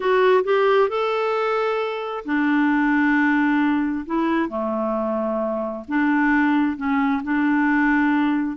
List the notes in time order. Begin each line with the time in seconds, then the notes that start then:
0.00 F#4
0.44 G4
0.89 A4
2.25 D4
4.05 E4
4.49 A3
5.88 D4
6.76 C#4
7.23 D4